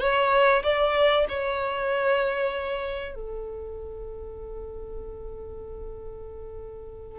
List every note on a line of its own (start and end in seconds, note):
0.00 0.62 C#5
0.63 1.26 D5
1.28 3.14 C#5
3.14 7.19 A4